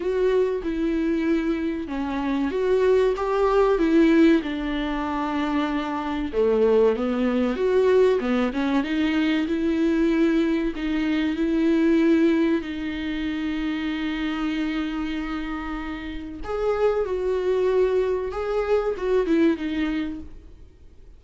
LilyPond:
\new Staff \with { instrumentName = "viola" } { \time 4/4 \tempo 4 = 95 fis'4 e'2 cis'4 | fis'4 g'4 e'4 d'4~ | d'2 a4 b4 | fis'4 b8 cis'8 dis'4 e'4~ |
e'4 dis'4 e'2 | dis'1~ | dis'2 gis'4 fis'4~ | fis'4 gis'4 fis'8 e'8 dis'4 | }